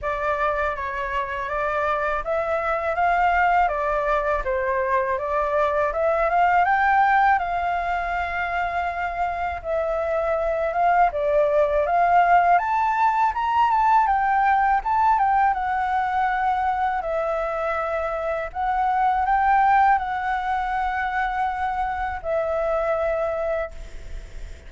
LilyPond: \new Staff \with { instrumentName = "flute" } { \time 4/4 \tempo 4 = 81 d''4 cis''4 d''4 e''4 | f''4 d''4 c''4 d''4 | e''8 f''8 g''4 f''2~ | f''4 e''4. f''8 d''4 |
f''4 a''4 ais''8 a''8 g''4 | a''8 g''8 fis''2 e''4~ | e''4 fis''4 g''4 fis''4~ | fis''2 e''2 | }